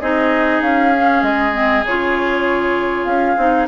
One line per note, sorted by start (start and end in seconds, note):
0.00 0.61 C4
0.00 0.94 D#4
0.00 3.67 G#4
0.00 0.61 D#5
0.61 1.22 C#4
0.61 1.23 F5
0.94 1.53 C#4
1.22 1.84 G#3
1.22 1.84 D#5
1.53 1.84 C4
1.84 3.05 C#3
1.84 3.37 F4
1.84 3.05 C#5
3.05 3.35 C#4
3.05 3.66 F5
3.37 3.67 C4
3.37 3.67 D#4